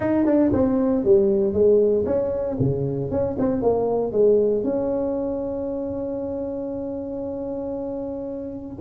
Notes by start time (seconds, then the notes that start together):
0.00 D#4
0.25 D4
0.52 C4
1.04 G3
1.53 G#3
2.05 C#4
2.59 C#3
3.10 C#4
3.38 C4
3.62 A#3
4.11 G#3
4.63 C#4